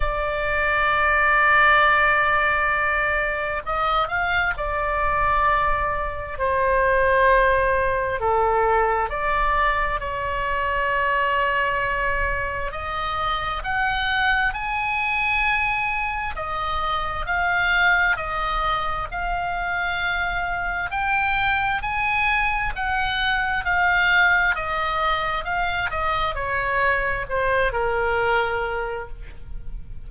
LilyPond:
\new Staff \with { instrumentName = "oboe" } { \time 4/4 \tempo 4 = 66 d''1 | dis''8 f''8 d''2 c''4~ | c''4 a'4 d''4 cis''4~ | cis''2 dis''4 fis''4 |
gis''2 dis''4 f''4 | dis''4 f''2 g''4 | gis''4 fis''4 f''4 dis''4 | f''8 dis''8 cis''4 c''8 ais'4. | }